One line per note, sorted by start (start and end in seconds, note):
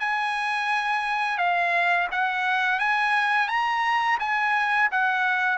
0.00 1.38 G#5
1.38 2.08 F5
2.12 2.80 F#5
2.80 3.49 G#5
3.49 4.18 A#5
4.20 4.90 G#5
4.92 5.58 F#5